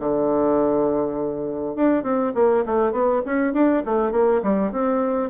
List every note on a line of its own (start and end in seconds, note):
0.00 1.76 D3
1.76 2.03 D4
2.03 2.33 C4
2.35 2.65 A#3
2.66 2.92 A3
2.92 3.22 B3
3.26 3.54 C#4
3.54 3.83 D4
3.85 4.12 A3
4.12 4.42 A#3
4.43 4.72 G3
4.72 5.31 C4